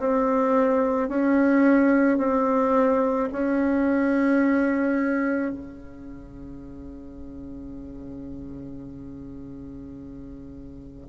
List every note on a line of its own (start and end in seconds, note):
0.00 1.09 C4
1.09 2.18 C#4
2.18 3.29 C4
3.33 5.52 C#4
5.52 11.08 C#3